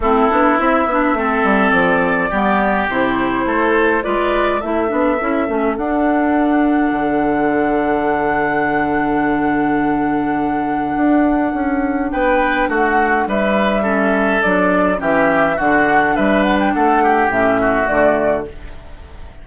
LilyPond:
<<
  \new Staff \with { instrumentName = "flute" } { \time 4/4 \tempo 4 = 104 a'4 e''2 d''4~ | d''4 c''2 d''4 | e''2 fis''2~ | fis''1~ |
fis''1~ | fis''4 g''4 fis''4 e''4~ | e''4 d''4 e''4 fis''4 | e''8 fis''16 g''16 fis''4 e''4 d''4 | }
  \new Staff \with { instrumentName = "oboe" } { \time 4/4 e'2 a'2 | g'2 a'4 b'4 | a'1~ | a'1~ |
a'1~ | a'4 b'4 fis'4 b'4 | a'2 g'4 fis'4 | b'4 a'8 g'4 fis'4. | }
  \new Staff \with { instrumentName = "clarinet" } { \time 4/4 c'8 d'8 e'8 d'8 c'2 | b4 e'2 f'4 | e'8 d'8 e'8 cis'8 d'2~ | d'1~ |
d'1~ | d'1 | cis'4 d'4 cis'4 d'4~ | d'2 cis'4 a4 | }
  \new Staff \with { instrumentName = "bassoon" } { \time 4/4 a8 b8 c'8 b8 a8 g8 f4 | g4 c4 a4 gis4 | a8 b8 cis'8 a8 d'2 | d1~ |
d2. d'4 | cis'4 b4 a4 g4~ | g4 fis4 e4 d4 | g4 a4 a,4 d4 | }
>>